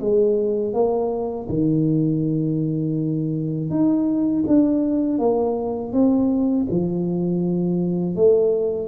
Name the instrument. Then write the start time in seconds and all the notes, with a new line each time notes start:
tuba
0.00 G#3
0.73 A#3
1.48 D#3
3.70 D#4
4.47 D4
5.18 A#3
5.92 C4
6.70 F3
8.15 A3